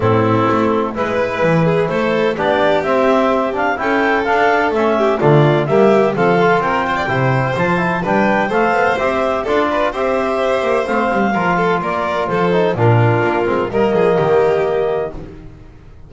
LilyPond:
<<
  \new Staff \with { instrumentName = "clarinet" } { \time 4/4 \tempo 4 = 127 a'2 b'2 | c''4 d''4 e''4. f''8 | g''4 f''4 e''4 d''4 | e''4 f''4 g''2 |
a''4 g''4 f''4 e''4 | d''4 e''2 f''4~ | f''4 d''4 c''4 ais'4~ | ais'4 dis''2. | }
  \new Staff \with { instrumentName = "violin" } { \time 4/4 e'2 b'4. gis'8 | a'4 g'2. | a'2~ a'8 g'8 f'4 | g'4 a'4 ais'8 c''16 d''16 c''4~ |
c''4 b'4 c''2 | a'8 b'8 c''2. | ais'8 a'8 ais'4 a'4 f'4~ | f'4 ais'8 gis'8 g'2 | }
  \new Staff \with { instrumentName = "trombone" } { \time 4/4 c'2 e'2~ | e'4 d'4 c'4. d'8 | e'4 d'4 cis'4 a4 | ais4 c'8 f'4. e'4 |
f'8 e'8 d'4 a'4 g'4 | f'4 g'2 c'4 | f'2~ f'8 dis'8 d'4~ | d'8 c'8 ais2. | }
  \new Staff \with { instrumentName = "double bass" } { \time 4/4 a,4 a4 gis4 e4 | a4 b4 c'2 | cis'4 d'4 a4 d4 | g4 f4 c'4 c4 |
f4 g4 a8 b8 c'4 | d'4 c'4. ais8 a8 g8 | f4 ais4 f4 ais,4 | ais8 gis8 g8 f8 dis2 | }
>>